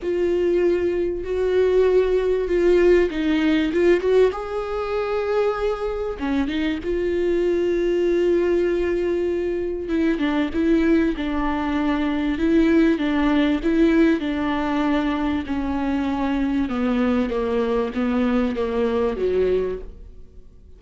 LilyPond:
\new Staff \with { instrumentName = "viola" } { \time 4/4 \tempo 4 = 97 f'2 fis'2 | f'4 dis'4 f'8 fis'8 gis'4~ | gis'2 cis'8 dis'8 f'4~ | f'1 |
e'8 d'8 e'4 d'2 | e'4 d'4 e'4 d'4~ | d'4 cis'2 b4 | ais4 b4 ais4 fis4 | }